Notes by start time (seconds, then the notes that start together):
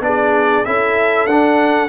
0.00 B3 D4 G#4 D5
0.65 C#4 E4 A4 E5
1.26 D4 F#5